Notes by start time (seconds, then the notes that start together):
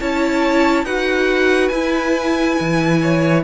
0.00 C#4 E4 C#5 A5
0.84 D#4 F#4 B4 F#5
1.69 E4 G#5
2.60 E3
3.02 C#5